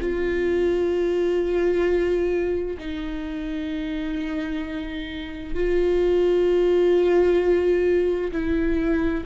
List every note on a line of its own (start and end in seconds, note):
0.00 2.77 F4
2.78 5.54 D#4
5.54 8.31 F4
8.32 9.24 E4